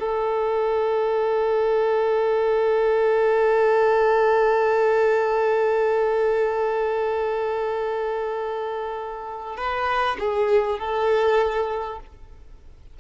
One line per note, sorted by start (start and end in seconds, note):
0.00 9.57 A4
9.57 10.17 B4
10.20 10.80 G#4
10.80 12.00 A4